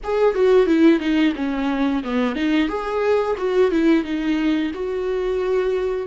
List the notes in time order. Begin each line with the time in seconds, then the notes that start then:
0.03 G#4
0.34 F#4
0.66 E4
0.99 D#4
1.35 C#4
2.03 B3
2.35 D#4
2.68 G#4
3.37 F#4
3.71 E4
4.04 D#4
4.73 F#4